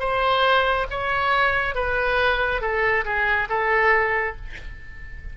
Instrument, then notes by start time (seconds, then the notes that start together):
oboe
0.00 C5
0.91 C#5
1.75 B4
2.61 A4
3.06 G#4
3.49 A4